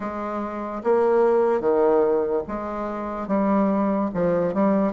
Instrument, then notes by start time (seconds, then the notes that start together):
bassoon
0.00 G#3
0.83 A#3
1.60 D#3
2.47 G#3
3.27 G3
4.14 F3
4.54 G3